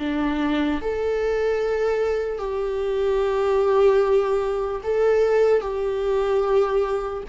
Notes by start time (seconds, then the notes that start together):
0.00 D4
0.82 A4
2.39 G4
4.84 A4
5.62 G4